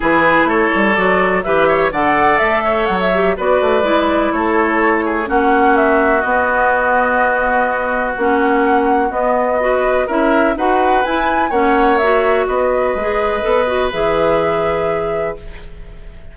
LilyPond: <<
  \new Staff \with { instrumentName = "flute" } { \time 4/4 \tempo 4 = 125 b'4 cis''4 d''4 e''4 | fis''4 e''4 fis''16 e''8. d''4~ | d''4 cis''2 fis''4 | e''4 dis''2.~ |
dis''4 fis''2 dis''4~ | dis''4 e''4 fis''4 gis''4 | fis''4 e''4 dis''2~ | dis''4 e''2. | }
  \new Staff \with { instrumentName = "oboe" } { \time 4/4 gis'4 a'2 b'8 cis''8 | d''4. cis''4. b'4~ | b'4 a'4. gis'8 fis'4~ | fis'1~ |
fis'1 | b'4 ais'4 b'2 | cis''2 b'2~ | b'1 | }
  \new Staff \with { instrumentName = "clarinet" } { \time 4/4 e'2 fis'4 g'4 | a'2~ a'8 g'8 fis'4 | e'2. cis'4~ | cis'4 b2.~ |
b4 cis'2 b4 | fis'4 e'4 fis'4 e'4 | cis'4 fis'2 gis'4 | a'8 fis'8 gis'2. | }
  \new Staff \with { instrumentName = "bassoon" } { \time 4/4 e4 a8 g8 fis4 e4 | d4 a4 fis4 b8 a8 | gis4 a2 ais4~ | ais4 b2.~ |
b4 ais2 b4~ | b4 cis'4 dis'4 e'4 | ais2 b4 gis4 | b4 e2. | }
>>